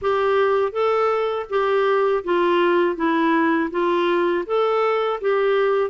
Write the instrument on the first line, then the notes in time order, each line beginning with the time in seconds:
clarinet
0.01 G4
0.71 A4
1.49 G4
2.24 F4
2.96 E4
3.70 F4
4.46 A4
5.20 G4